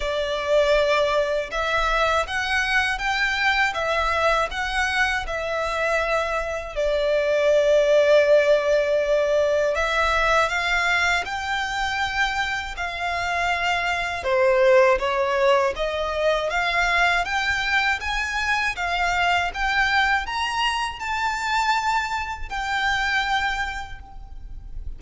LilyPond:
\new Staff \with { instrumentName = "violin" } { \time 4/4 \tempo 4 = 80 d''2 e''4 fis''4 | g''4 e''4 fis''4 e''4~ | e''4 d''2.~ | d''4 e''4 f''4 g''4~ |
g''4 f''2 c''4 | cis''4 dis''4 f''4 g''4 | gis''4 f''4 g''4 ais''4 | a''2 g''2 | }